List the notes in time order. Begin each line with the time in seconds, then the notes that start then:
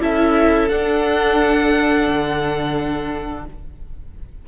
0.00 C#4 E4 A4 E5
0.69 D4 F#5
2.07 D3